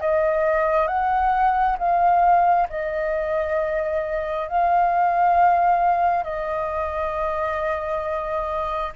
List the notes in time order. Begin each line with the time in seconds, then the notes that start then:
0.00 D#5
0.87 F#5
1.78 F5
2.69 D#5
4.48 F5
6.24 D#5